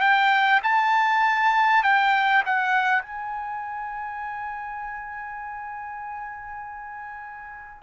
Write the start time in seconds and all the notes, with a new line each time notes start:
0.00 G5
0.63 A5
1.83 G5
2.45 F#5
3.02 G#5